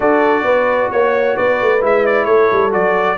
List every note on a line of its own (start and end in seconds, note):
0.00 0.43 D4
0.00 1.79 F#4
0.00 0.44 A4
0.00 0.91 D5
0.43 0.89 B3
0.43 0.89 B4
0.91 1.37 A#3
0.91 1.36 C#5
1.36 1.61 B3
1.36 2.25 B4
1.36 1.82 D5
1.61 1.82 A3
1.81 2.26 G#3
1.81 2.70 E4
1.81 2.06 E5
2.06 2.25 D5
2.25 2.49 A3
2.25 3.16 A4
2.25 2.70 C#5
2.52 2.74 G3
2.70 3.17 F#3
2.70 3.16 F#4
2.70 3.17 D5